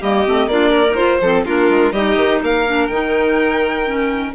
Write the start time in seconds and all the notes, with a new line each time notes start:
0.00 G3 A#3 G4 D#5
0.25 A3 C4
0.47 A#3 D4 F4 D5
0.70 A#4
0.90 D#4 F4 C5
0.97 F4
1.21 F3 C4 A4
1.45 A#3 D4 F4 A#4
1.69 G#3
1.92 G3 D#4 G4 D#5
2.16 D#3
2.42 A#3 A#4 F5
2.66 D4
2.87 D#3 D#4 G5
3.85 C#4